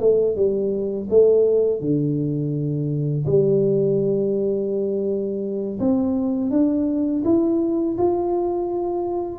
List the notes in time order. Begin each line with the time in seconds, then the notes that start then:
0.00 A3
0.36 G3
1.10 A3
1.81 D3
3.26 G3
5.80 C4
6.51 D4
7.25 E4
7.98 F4